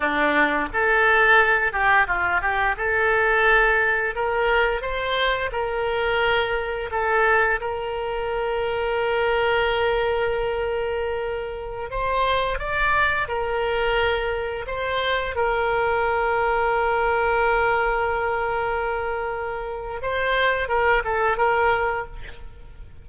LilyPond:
\new Staff \with { instrumentName = "oboe" } { \time 4/4 \tempo 4 = 87 d'4 a'4. g'8 f'8 g'8 | a'2 ais'4 c''4 | ais'2 a'4 ais'4~ | ais'1~ |
ais'4~ ais'16 c''4 d''4 ais'8.~ | ais'4~ ais'16 c''4 ais'4.~ ais'16~ | ais'1~ | ais'4 c''4 ais'8 a'8 ais'4 | }